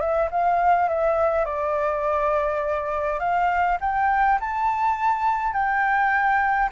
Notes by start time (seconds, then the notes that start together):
0.00 E5
0.31 F5
0.89 E5
1.45 D5
3.20 F5
3.81 G5
4.40 A5
5.53 G5